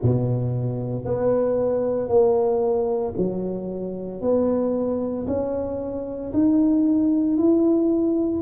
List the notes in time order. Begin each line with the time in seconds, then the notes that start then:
0.02 B2
1.04 B3
2.08 A#3
3.17 F#3
4.21 B3
5.27 C#4
6.33 D#4
7.37 E4